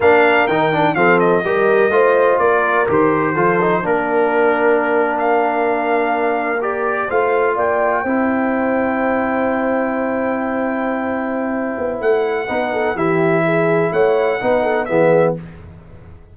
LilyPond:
<<
  \new Staff \with { instrumentName = "trumpet" } { \time 4/4 \tempo 4 = 125 f''4 g''4 f''8 dis''4.~ | dis''4 d''4 c''2 | ais'2~ ais'8. f''4~ f''16~ | f''4.~ f''16 d''4 f''4 g''16~ |
g''1~ | g''1~ | g''4 fis''2 e''4~ | e''4 fis''2 e''4 | }
  \new Staff \with { instrumentName = "horn" } { \time 4/4 ais'2 a'4 ais'4 | c''4 ais'2 a'4 | ais'1~ | ais'2~ ais'8. c''4 d''16~ |
d''8. c''2.~ c''16~ | c''1~ | c''2 b'8 a'8 g'4 | gis'4 cis''4 b'8 a'8 gis'4 | }
  \new Staff \with { instrumentName = "trombone" } { \time 4/4 d'4 dis'8 d'8 c'4 g'4 | f'2 g'4 f'8 dis'8 | d'1~ | d'4.~ d'16 g'4 f'4~ f'16~ |
f'8. e'2.~ e'16~ | e'1~ | e'2 dis'4 e'4~ | e'2 dis'4 b4 | }
  \new Staff \with { instrumentName = "tuba" } { \time 4/4 ais4 dis4 f4 g4 | a4 ais4 dis4 f4 | ais1~ | ais2~ ais8. a4 ais16~ |
ais8. c'2.~ c'16~ | c'1~ | c'8 b8 a4 b4 e4~ | e4 a4 b4 e4 | }
>>